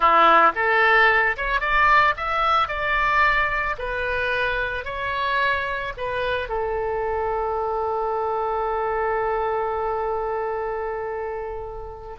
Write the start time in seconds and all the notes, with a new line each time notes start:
0.00 E4
0.55 A4
1.36 C#5
1.60 D5
2.16 E5
2.68 D5
3.78 B4
4.85 C#5
5.97 B4
6.48 A4